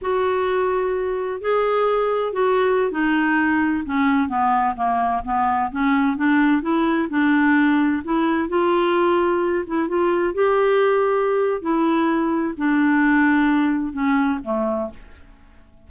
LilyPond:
\new Staff \with { instrumentName = "clarinet" } { \time 4/4 \tempo 4 = 129 fis'2. gis'4~ | gis'4 fis'4~ fis'16 dis'4.~ dis'16~ | dis'16 cis'4 b4 ais4 b8.~ | b16 cis'4 d'4 e'4 d'8.~ |
d'4~ d'16 e'4 f'4.~ f'16~ | f'8. e'8 f'4 g'4.~ g'16~ | g'4 e'2 d'4~ | d'2 cis'4 a4 | }